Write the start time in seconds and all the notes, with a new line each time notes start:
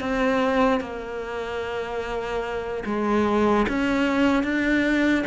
0.00 C4
0.80 A#3
2.85 G#3
3.68 C#4
4.43 D4